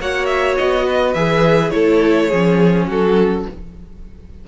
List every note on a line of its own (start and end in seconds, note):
0.00 0.58 A#3
0.00 1.15 F#4
0.00 0.86 C#5
0.00 0.25 F#5
0.25 0.54 E5
0.57 1.14 B3
0.57 1.14 D#5
0.86 1.72 B4
1.14 1.72 E3
1.14 1.72 G#4
1.14 1.70 E5
1.70 2.31 A3
1.70 2.29 E4
1.70 2.28 A4
1.70 2.85 C#5
2.28 2.87 F3
2.28 3.47 C#4
2.28 2.85 G#4
2.87 3.45 F#3
2.87 3.44 F#4
2.87 3.48 A4